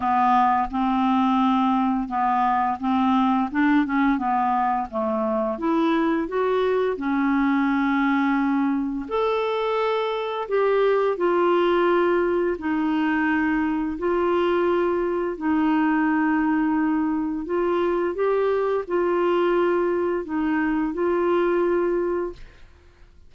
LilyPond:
\new Staff \with { instrumentName = "clarinet" } { \time 4/4 \tempo 4 = 86 b4 c'2 b4 | c'4 d'8 cis'8 b4 a4 | e'4 fis'4 cis'2~ | cis'4 a'2 g'4 |
f'2 dis'2 | f'2 dis'2~ | dis'4 f'4 g'4 f'4~ | f'4 dis'4 f'2 | }